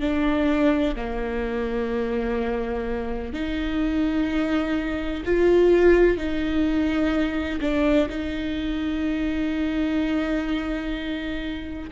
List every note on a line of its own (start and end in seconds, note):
0.00 0.95 D4
0.96 3.33 A#3
3.33 5.24 D#4
5.25 6.18 F4
6.18 7.61 D#4
7.61 8.09 D4
8.10 11.90 D#4